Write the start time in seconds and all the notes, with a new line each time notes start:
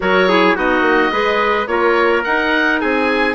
0.00 F#3 F#4 A#4 C#5
0.28 E4 G#4
0.55 B3 D#4 F#4 D#5
0.80 A#3
1.11 G#3 G#4 B4
1.67 A#3 F4 A#4 C#5
2.23 D#4 F#5
2.80 C4 G#4 G#5